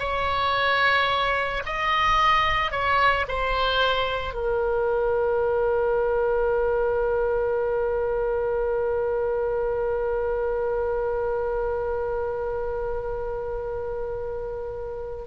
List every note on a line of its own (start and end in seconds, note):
0.00 1.64 C#5
1.66 2.72 D#5
2.72 3.26 C#5
3.29 4.34 C5
4.34 15.25 A#4